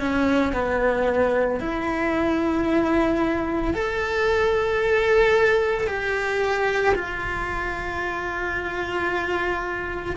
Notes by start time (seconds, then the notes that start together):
0.00 C#4
0.53 B3
1.60 E4
3.74 A4
5.87 G4
6.95 F4